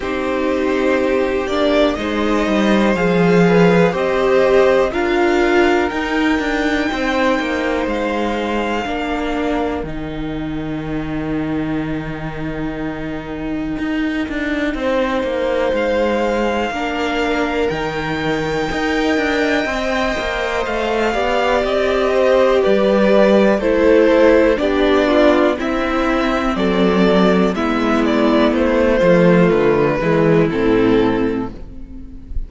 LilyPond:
<<
  \new Staff \with { instrumentName = "violin" } { \time 4/4 \tempo 4 = 61 c''4. d''8 dis''4 f''4 | dis''4 f''4 g''2 | f''2 g''2~ | g''1 |
f''2 g''2~ | g''4 f''4 dis''4 d''4 | c''4 d''4 e''4 d''4 | e''8 d''8 c''4 b'4 a'4 | }
  \new Staff \with { instrumentName = "violin" } { \time 4/4 g'2 c''4. b'8 | c''4 ais'2 c''4~ | c''4 ais'2.~ | ais'2. c''4~ |
c''4 ais'2 dis''4~ | dis''4. d''4 c''8 b'4 | a'4 g'8 f'8 e'4 a'4 | e'4. f'4 e'4. | }
  \new Staff \with { instrumentName = "viola" } { \time 4/4 dis'4. d'8 dis'4 gis'4 | g'4 f'4 dis'2~ | dis'4 d'4 dis'2~ | dis'1~ |
dis'4 d'4 dis'4 ais'4 | c''4. g'2~ g'8 | e'4 d'4 c'2 | b4. a4 gis8 c'4 | }
  \new Staff \with { instrumentName = "cello" } { \time 4/4 c'4. ais8 gis8 g8 f4 | c'4 d'4 dis'8 d'8 c'8 ais8 | gis4 ais4 dis2~ | dis2 dis'8 d'8 c'8 ais8 |
gis4 ais4 dis4 dis'8 d'8 | c'8 ais8 a8 b8 c'4 g4 | a4 b4 c'4 fis4 | gis4 a8 f8 d8 e8 a,4 | }
>>